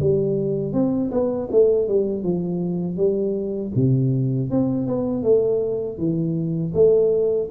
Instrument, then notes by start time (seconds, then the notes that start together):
tuba
0.00 G3
0.73 C4
1.11 B3
1.51 A3
1.88 G3
2.23 F3
2.97 G3
3.75 C3
4.51 C4
4.87 B3
5.23 A3
5.98 E3
6.74 A3